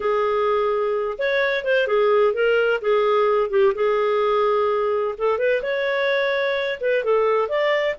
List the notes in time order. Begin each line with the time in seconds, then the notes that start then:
0.00 G#4
1.18 C#5
1.64 C5
1.87 G#4
2.33 A#4
2.81 G#4
3.49 G4
3.74 G#4
5.18 A4
5.38 B4
5.62 C#5
6.80 B4
7.04 A4
7.48 D5